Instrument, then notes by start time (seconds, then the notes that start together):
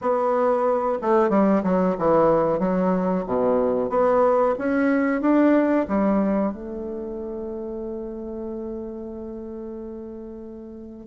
bassoon
0.01 B3
1.01 A3
1.29 G3
1.63 F#3
1.98 E3
2.59 F#3
3.26 B2
3.89 B3
4.58 C#4
5.21 D4
5.88 G3
6.52 A3